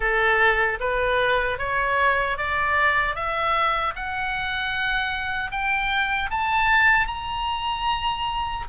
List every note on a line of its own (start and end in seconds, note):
0.00 0.78 A4
0.79 1.58 B4
1.58 2.37 C#5
2.37 3.15 D5
3.15 3.94 E5
3.95 5.50 F#5
5.50 6.29 G5
6.30 7.07 A5
7.07 8.65 A#5